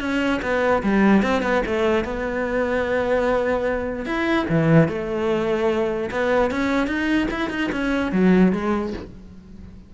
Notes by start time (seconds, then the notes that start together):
0.00 C#4
0.42 B3
0.83 G3
1.22 C4
1.42 B3
1.66 A3
2.04 B3
4.05 E4
4.49 E3
4.88 A3
6.11 B3
6.51 C#4
6.87 D#4
7.31 E4
7.50 D#4
7.72 C#4
8.12 F#3
8.52 G#3